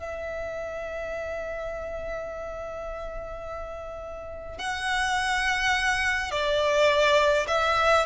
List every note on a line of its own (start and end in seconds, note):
0.00 4.59 E5
4.59 6.32 F#5
6.32 7.47 D5
7.48 8.06 E5